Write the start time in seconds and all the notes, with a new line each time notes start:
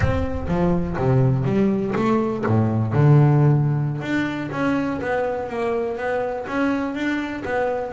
0.00 C4
0.48 F3
0.97 C3
1.45 G3
1.95 A3
2.46 A2
2.93 D3
4.01 D4
4.51 C#4
5.01 B3
5.49 A#3
5.97 B3
6.47 C#4
6.94 D4
7.44 B3